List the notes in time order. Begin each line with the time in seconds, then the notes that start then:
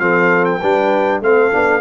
0.00 F3 C4 A4 F5
0.46 G5
0.60 G3 D4 B4
1.21 A3 C4 A4 F5
1.52 B3 D4